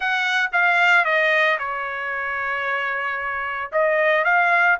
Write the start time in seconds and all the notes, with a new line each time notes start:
0.00 F#5
0.52 F5
1.05 D#5
1.59 C#5
3.72 D#5
4.24 F5